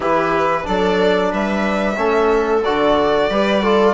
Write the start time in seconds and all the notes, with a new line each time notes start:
0.00 E3 E4 G4 B4
0.63 F#3 D4 A4 D5
1.31 G3 B4 E5
1.97 A3 C#4 A4
2.64 D3 F#4 D5
3.29 G3 G4 B4
3.62 F4 A4